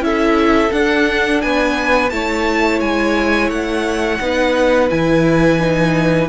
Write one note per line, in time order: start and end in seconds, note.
0.00 0.70 C#4
0.00 0.70 E4
0.00 1.43 A4
0.00 0.72 E5
0.71 2.10 D4
0.71 1.42 D4
0.71 1.41 F#5
1.41 2.11 B3
1.41 2.13 B4
1.41 2.10 G#5
2.10 2.80 A3
2.10 4.20 E4
2.10 4.22 C#5
2.10 2.79 A5
2.80 3.49 G#3
2.80 3.50 G#5
3.49 4.19 A3
3.49 4.89 F#5
4.20 4.90 B3
4.20 4.89 D#4
4.20 6.29 B4
4.89 6.29 E3
4.89 5.59 E4
4.89 6.29 G#5
5.59 6.29 D#4